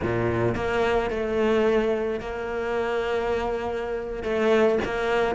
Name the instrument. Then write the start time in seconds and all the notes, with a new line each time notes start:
cello
0.02 A#2
0.55 A#3
1.10 A3
2.20 A#3
4.23 A3
4.84 A#3